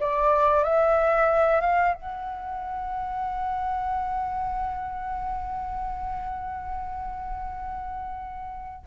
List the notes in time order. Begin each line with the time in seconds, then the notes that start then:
0.00 D5
0.64 E5
1.61 F5
1.94 F#5